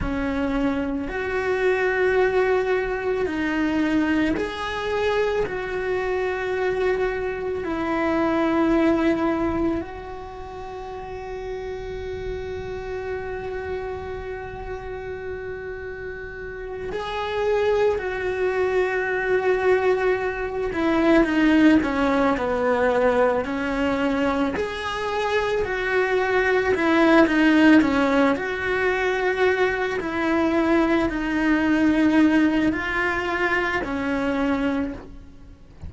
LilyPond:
\new Staff \with { instrumentName = "cello" } { \time 4/4 \tempo 4 = 55 cis'4 fis'2 dis'4 | gis'4 fis'2 e'4~ | e'4 fis'2.~ | fis'2.~ fis'8 gis'8~ |
gis'8 fis'2~ fis'8 e'8 dis'8 | cis'8 b4 cis'4 gis'4 fis'8~ | fis'8 e'8 dis'8 cis'8 fis'4. e'8~ | e'8 dis'4. f'4 cis'4 | }